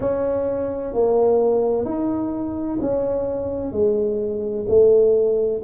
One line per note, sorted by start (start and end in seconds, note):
0.00 0.93 C#4
0.93 1.85 A#3
1.85 2.78 D#4
2.81 3.72 C#4
3.72 4.65 G#3
4.68 5.62 A3